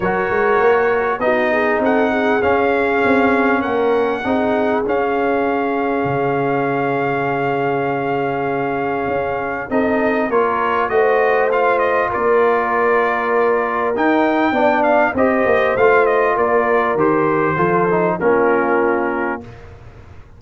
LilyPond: <<
  \new Staff \with { instrumentName = "trumpet" } { \time 4/4 \tempo 4 = 99 cis''2 dis''4 fis''4 | f''2 fis''2 | f''1~ | f''1 |
dis''4 cis''4 dis''4 f''8 dis''8 | d''2. g''4~ | g''8 f''8 dis''4 f''8 dis''8 d''4 | c''2 ais'2 | }
  \new Staff \with { instrumentName = "horn" } { \time 4/4 ais'2 fis'8 gis'8 a'8 gis'8~ | gis'2 ais'4 gis'4~ | gis'1~ | gis'1 |
a'4 ais'4 c''2 | ais'1 | d''4 c''2 ais'4~ | ais'4 a'4 f'2 | }
  \new Staff \with { instrumentName = "trombone" } { \time 4/4 fis'2 dis'2 | cis'2. dis'4 | cis'1~ | cis'1 |
dis'4 f'4 fis'4 f'4~ | f'2. dis'4 | d'4 g'4 f'2 | g'4 f'8 dis'8 cis'2 | }
  \new Staff \with { instrumentName = "tuba" } { \time 4/4 fis8 gis8 ais4 b4 c'4 | cis'4 c'4 ais4 c'4 | cis'2 cis2~ | cis2. cis'4 |
c'4 ais4 a2 | ais2. dis'4 | b4 c'8 ais8 a4 ais4 | dis4 f4 ais2 | }
>>